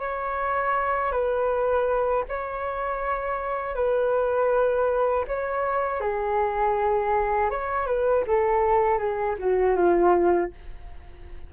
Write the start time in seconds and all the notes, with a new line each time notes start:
0.00 C#5
1.12 B4
2.29 C#5
3.75 B4
5.28 C#5
6.01 G#4
7.51 C#5
7.87 B4
8.27 A4
8.99 G#4
9.39 F#4
9.76 F4